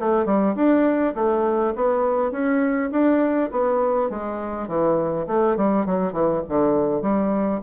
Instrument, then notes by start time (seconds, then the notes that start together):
bassoon
0.00 A3
0.26 G3
0.56 D4
1.16 A3
1.76 B3
2.32 C#4
2.92 D4
3.52 B3
4.10 G#3
4.68 E3
5.28 A3
5.57 G3
5.86 F#3
6.13 E3
6.49 D3
7.02 G3